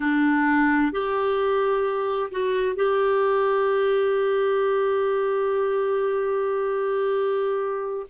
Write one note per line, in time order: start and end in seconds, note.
0.00 0.92 D4
0.92 2.30 G4
2.31 2.75 F#4
2.75 8.06 G4